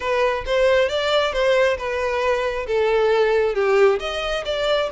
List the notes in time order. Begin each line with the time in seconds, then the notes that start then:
0.00 B4
0.46 C5
0.88 D5
1.32 C5
1.77 B4
2.67 A4
3.54 G4
3.99 D#5
4.45 D5